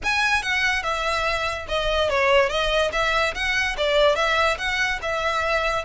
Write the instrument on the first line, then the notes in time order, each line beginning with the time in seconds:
violin
0.03 G#5
0.42 F#5
0.83 E5
1.68 D#5
2.09 C#5
2.49 D#5
2.92 E5
3.34 F#5
3.77 D5
4.15 E5
4.58 F#5
5.02 E5